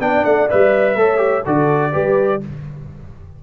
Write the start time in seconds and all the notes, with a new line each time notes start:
0.00 B3 D4 D5 G5
0.25 A3 F#5
0.50 G3 B4 E5
0.96 A3 A4 C#5
1.18 G4
1.44 D3 F#4 A4 D5
1.93 G3 G4 B4